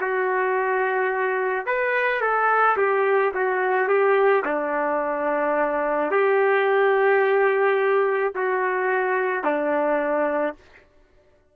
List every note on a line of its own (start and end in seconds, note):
0.00 1.66 F#4
1.66 2.21 B4
2.21 2.76 A4
2.77 3.32 G4
3.34 3.88 F#4
3.88 4.43 G4
4.44 6.11 D4
6.11 8.33 G4
8.34 9.43 F#4
9.43 10.55 D4